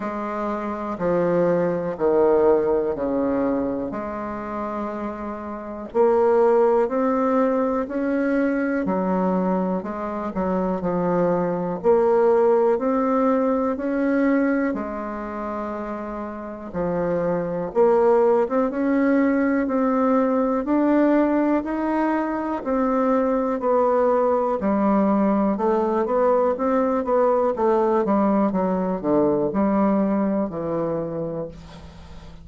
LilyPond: \new Staff \with { instrumentName = "bassoon" } { \time 4/4 \tempo 4 = 61 gis4 f4 dis4 cis4 | gis2 ais4 c'4 | cis'4 fis4 gis8 fis8 f4 | ais4 c'4 cis'4 gis4~ |
gis4 f4 ais8. c'16 cis'4 | c'4 d'4 dis'4 c'4 | b4 g4 a8 b8 c'8 b8 | a8 g8 fis8 d8 g4 e4 | }